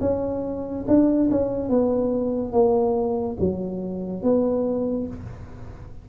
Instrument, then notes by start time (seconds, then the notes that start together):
tuba
0.00 C#4
0.87 D4
1.30 C#4
1.69 B3
2.52 A#3
3.39 F#3
4.22 B3